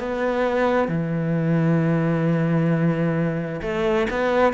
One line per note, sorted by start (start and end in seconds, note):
0.00 0.89 B3
0.89 3.62 E3
3.62 4.07 A3
4.11 4.54 B3